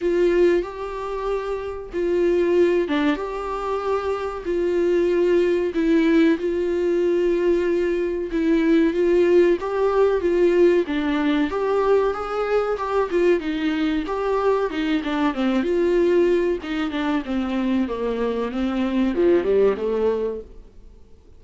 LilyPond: \new Staff \with { instrumentName = "viola" } { \time 4/4 \tempo 4 = 94 f'4 g'2 f'4~ | f'8 d'8 g'2 f'4~ | f'4 e'4 f'2~ | f'4 e'4 f'4 g'4 |
f'4 d'4 g'4 gis'4 | g'8 f'8 dis'4 g'4 dis'8 d'8 | c'8 f'4. dis'8 d'8 c'4 | ais4 c'4 f8 g8 a4 | }